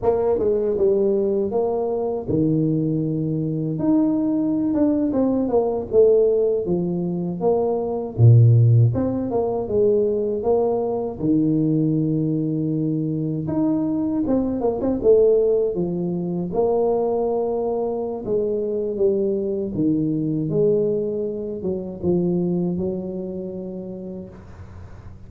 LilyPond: \new Staff \with { instrumentName = "tuba" } { \time 4/4 \tempo 4 = 79 ais8 gis8 g4 ais4 dis4~ | dis4 dis'4~ dis'16 d'8 c'8 ais8 a16~ | a8. f4 ais4 ais,4 c'16~ | c'16 ais8 gis4 ais4 dis4~ dis16~ |
dis4.~ dis16 dis'4 c'8 ais16 c'16 a16~ | a8. f4 ais2~ ais16 | gis4 g4 dis4 gis4~ | gis8 fis8 f4 fis2 | }